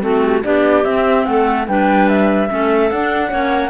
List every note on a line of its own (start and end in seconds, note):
0.00 0.44 A3
0.00 0.41 C4
0.00 0.43 F#4
0.00 0.22 A4
0.22 0.42 G4
0.43 0.85 B3
0.43 0.84 D4
0.43 1.26 G4
0.43 0.84 D5
0.84 1.26 C4
0.84 1.68 C4
0.84 1.25 E5
1.25 1.67 A3
1.25 1.67 A4
1.25 1.66 F#5
1.67 2.49 G3
1.67 2.49 D4
1.67 2.50 B4
1.67 2.08 G5
2.08 2.90 E5
2.49 2.91 A3
2.49 2.90 C#4
2.49 3.29 A4
2.90 3.31 D4
2.90 3.30 D4
2.90 3.70 F#5
3.29 3.70 A#3
3.29 3.70 C#4
3.29 3.70 C#5